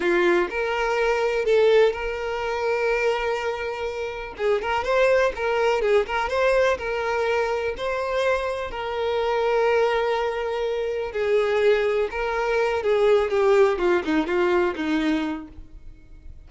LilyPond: \new Staff \with { instrumentName = "violin" } { \time 4/4 \tempo 4 = 124 f'4 ais'2 a'4 | ais'1~ | ais'4 gis'8 ais'8 c''4 ais'4 | gis'8 ais'8 c''4 ais'2 |
c''2 ais'2~ | ais'2. gis'4~ | gis'4 ais'4. gis'4 g'8~ | g'8 f'8 dis'8 f'4 dis'4. | }